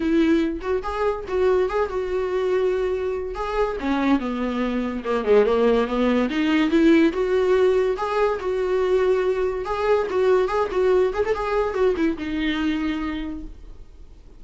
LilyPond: \new Staff \with { instrumentName = "viola" } { \time 4/4 \tempo 4 = 143 e'4. fis'8 gis'4 fis'4 | gis'8 fis'2.~ fis'8 | gis'4 cis'4 b2 | ais8 gis8 ais4 b4 dis'4 |
e'4 fis'2 gis'4 | fis'2. gis'4 | fis'4 gis'8 fis'4 gis'16 a'16 gis'4 | fis'8 e'8 dis'2. | }